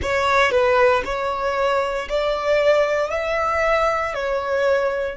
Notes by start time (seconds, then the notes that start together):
0.01 C#5
0.51 B4
1.04 C#5
2.08 D5
3.10 E5
4.14 C#5